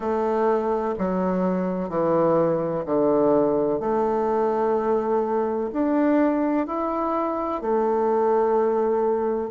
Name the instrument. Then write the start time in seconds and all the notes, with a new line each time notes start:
bassoon
0.00 A3
0.98 F#3
1.89 E3
2.85 D3
3.80 A3
5.72 D4
6.66 E4
7.61 A3